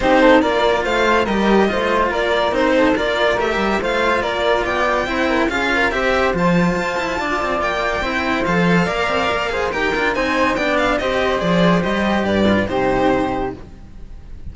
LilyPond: <<
  \new Staff \with { instrumentName = "violin" } { \time 4/4 \tempo 4 = 142 c''4 d''4 f''4 dis''4~ | dis''4 d''4 c''4 d''4 | e''4 f''4 d''4 g''4~ | g''4 f''4 e''4 a''4~ |
a''2 g''2 | f''2. g''4 | gis''4 g''8 f''8 dis''4 d''4 | dis''4 d''4 c''2 | }
  \new Staff \with { instrumentName = "flute" } { \time 4/4 g'8 a'8 ais'4 c''4 ais'4 | c''4 ais'4. a'8 ais'4~ | ais'4 c''4 ais'4 d''4 | c''8 ais'8 gis'8 ais'8 c''2~ |
c''4 d''2 c''4~ | c''4 d''4. c''8 ais'4 | c''4 d''4 c''2~ | c''4 b'4 g'2 | }
  \new Staff \with { instrumentName = "cello" } { \time 4/4 dis'4 f'2 g'4 | f'2 dis'4 f'4 | g'4 f'2. | e'4 f'4 g'4 f'4~ |
f'2. e'4 | a'4 ais'4. gis'8 g'8 f'8 | dis'4 d'4 g'4 gis'4 | g'4. f'8 dis'2 | }
  \new Staff \with { instrumentName = "cello" } { \time 4/4 c'4 ais4 a4 g4 | a4 ais4 c'4 ais4 | a8 g8 a4 ais4 b4 | c'4 cis'4 c'4 f4 |
f'8 e'8 d'8 c'8 ais4 c'4 | f4 ais8 c'8 ais4 dis'8 d'8 | c'4 b4 c'4 f4 | g4 g,4 c2 | }
>>